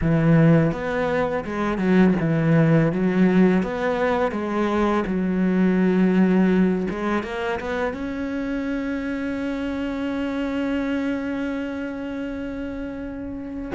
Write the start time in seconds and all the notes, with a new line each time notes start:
0.01 E3
0.72 B3
1.45 G#3
1.77 F#3
2.20 E3
2.92 F#3
3.62 B3
4.31 G#3
5.06 F#3
6.90 G#3
7.23 A#3
7.60 B3
7.93 C#4